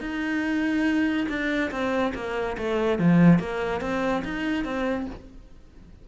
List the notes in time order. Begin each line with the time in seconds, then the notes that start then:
0.00 D#4
1.28 D4
1.71 C4
2.14 A#3
2.57 A3
2.98 F3
3.39 A#3
3.81 C4
4.24 D#4
4.64 C4